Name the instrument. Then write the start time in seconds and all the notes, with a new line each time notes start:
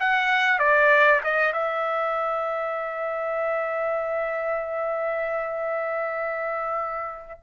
trumpet
0.00 F#5
0.59 D5
1.24 D#5
1.53 E5